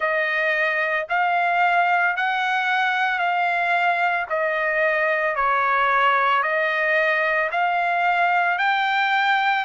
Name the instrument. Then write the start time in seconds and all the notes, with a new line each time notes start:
trumpet
0.00 D#5
1.09 F5
2.16 F#5
3.19 F5
4.29 D#5
5.35 C#5
6.42 D#5
7.51 F5
8.58 G5